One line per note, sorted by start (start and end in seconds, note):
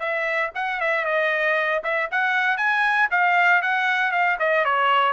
0.00 0.51 E5
0.55 0.81 F#5
0.81 1.05 E5
1.05 1.82 D#5
1.84 2.10 E5
2.11 2.58 F#5
2.58 3.09 G#5
3.11 3.62 F5
3.62 4.12 F#5
4.12 4.38 F5
4.39 4.65 D#5
4.65 5.13 C#5